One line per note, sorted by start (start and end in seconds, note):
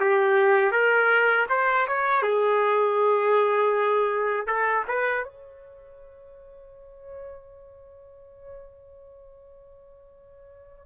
0.00 0.72 G4
0.72 1.47 A#4
1.49 1.86 C5
1.87 2.22 C#5
2.22 4.47 G#4
4.47 4.84 A4
4.88 5.24 B4
5.24 10.86 C#5